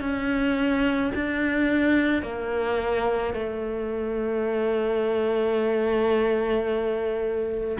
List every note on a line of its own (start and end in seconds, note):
0.00 1.11 C#4
1.14 2.22 D4
2.22 3.33 A#3
3.33 7.78 A3